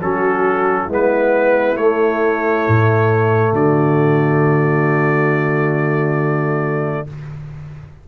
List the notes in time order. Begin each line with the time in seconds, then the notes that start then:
0.00 F#3 C#4 F#4 A4
0.84 G#3 B3 E4
0.93 B4
1.77 A3 C#5
2.68 A2
3.53 D3 F#4 D5